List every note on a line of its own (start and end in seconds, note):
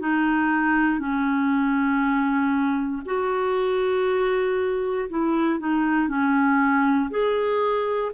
0.00 0.99 D#4
0.99 3.03 C#4
3.06 5.09 F#4
5.10 5.60 E4
5.60 6.09 D#4
6.09 7.10 C#4
7.10 8.12 G#4